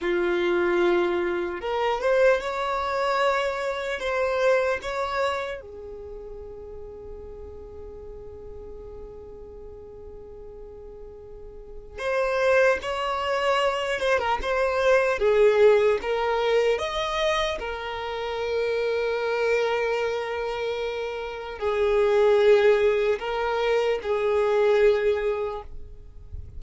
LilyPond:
\new Staff \with { instrumentName = "violin" } { \time 4/4 \tempo 4 = 75 f'2 ais'8 c''8 cis''4~ | cis''4 c''4 cis''4 gis'4~ | gis'1~ | gis'2. c''4 |
cis''4. c''16 ais'16 c''4 gis'4 | ais'4 dis''4 ais'2~ | ais'2. gis'4~ | gis'4 ais'4 gis'2 | }